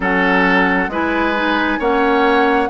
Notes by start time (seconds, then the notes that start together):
0.00 F#3 C#4 A4 F#5
0.87 G#3 E4 B4 G#5
1.35 D#4
1.79 A#3 C#4 C#5 F#5